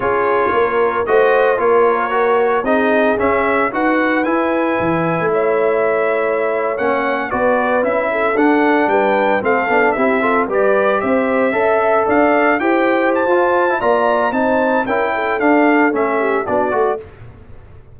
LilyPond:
<<
  \new Staff \with { instrumentName = "trumpet" } { \time 4/4 \tempo 4 = 113 cis''2 dis''4 cis''4~ | cis''4 dis''4 e''4 fis''4 | gis''2 e''2~ | e''8. fis''4 d''4 e''4 fis''16~ |
fis''8. g''4 f''4 e''4 d''16~ | d''8. e''2 f''4 g''16~ | g''8. a''4~ a''16 ais''4 a''4 | g''4 f''4 e''4 d''4 | }
  \new Staff \with { instrumentName = "horn" } { \time 4/4 gis'4 ais'4 c''4 ais'4~ | ais'4 gis'2 b'4~ | b'2 cis''2~ | cis''4.~ cis''16 b'4. a'8.~ |
a'8. b'4 a'4 g'8 a'8 b'16~ | b'8. c''4 e''4 d''4 c''16~ | c''2 d''4 c''4 | ais'8 a'2 g'8 fis'4 | }
  \new Staff \with { instrumentName = "trombone" } { \time 4/4 f'2 fis'4 f'4 | fis'4 dis'4 cis'4 fis'4 | e'1~ | e'8. cis'4 fis'4 e'4 d'16~ |
d'4.~ d'16 c'8 d'8 e'8 f'8 g'16~ | g'4.~ g'16 a'2 g'16~ | g'4 f'8. e'16 f'4 dis'4 | e'4 d'4 cis'4 d'8 fis'8 | }
  \new Staff \with { instrumentName = "tuba" } { \time 4/4 cis'4 ais4 a4 ais4~ | ais4 c'4 cis'4 dis'4 | e'4 e8. a2~ a16~ | a8. ais4 b4 cis'4 d'16~ |
d'8. g4 a8 b8 c'4 g16~ | g8. c'4 cis'4 d'4 e'16~ | e'4 f'4 ais4 c'4 | cis'4 d'4 a4 b8 a8 | }
>>